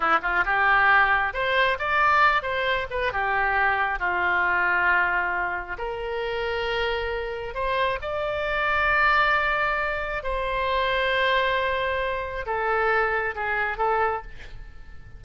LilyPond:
\new Staff \with { instrumentName = "oboe" } { \time 4/4 \tempo 4 = 135 e'8 f'8 g'2 c''4 | d''4. c''4 b'8 g'4~ | g'4 f'2.~ | f'4 ais'2.~ |
ais'4 c''4 d''2~ | d''2. c''4~ | c''1 | a'2 gis'4 a'4 | }